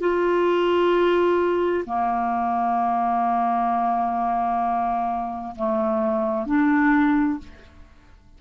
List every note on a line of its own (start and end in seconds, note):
0.00 1.85 F4
1.86 5.55 A#3
5.56 6.47 A3
6.47 7.39 D4